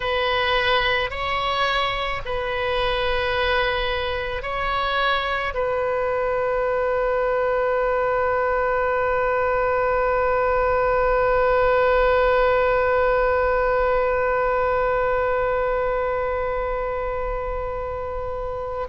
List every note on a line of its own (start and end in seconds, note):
0.00 1.10 B4
1.10 2.21 C#5
2.25 4.42 B4
4.42 5.53 C#5
5.54 18.87 B4